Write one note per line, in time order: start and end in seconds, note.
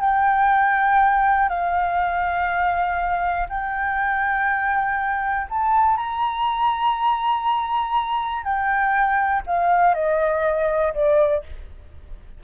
0.00 1.49 G5
1.49 3.47 F5
3.49 5.47 G5
5.50 5.97 A5
5.97 8.43 A#5
8.43 9.42 G5
9.46 9.94 F5
9.94 10.93 D#5
10.93 11.43 D5